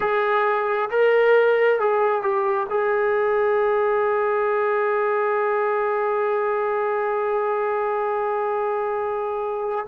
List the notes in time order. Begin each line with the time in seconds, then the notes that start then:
0.00 G#4
0.90 A#4
1.79 G#4
2.21 G4
2.69 G#4